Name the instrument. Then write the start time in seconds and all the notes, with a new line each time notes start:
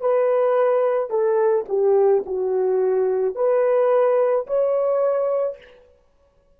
horn
0.00 B4
1.10 A4
1.68 G4
2.26 F#4
3.35 B4
4.46 C#5